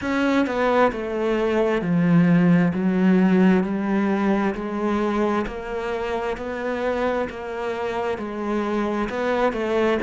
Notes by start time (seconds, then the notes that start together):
0.01 C#4
0.46 B3
0.92 A3
1.81 F3
2.73 F#3
3.63 G3
4.55 G#3
5.46 A#3
6.37 B3
7.29 A#3
8.17 G#3
9.09 B3
9.52 A3